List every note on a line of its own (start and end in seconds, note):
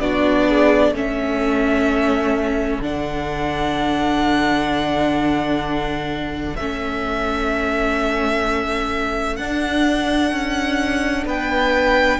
0.00 0.92 B3
0.00 0.95 D4
0.00 0.49 F#4
0.00 0.94 D5
0.49 0.95 G#4
0.92 2.79 A3
0.92 2.82 C#4
0.92 11.26 A4
0.92 2.83 E5
2.80 6.55 D3
2.80 6.57 D4
2.80 6.56 F#5
6.56 9.39 A3
6.56 9.39 C#4
6.56 9.37 E5
9.37 10.32 D4
9.37 12.20 D4
9.37 11.24 F#5
10.32 11.25 C#4
11.25 12.19 B3
11.25 12.20 B4
11.25 12.20 G5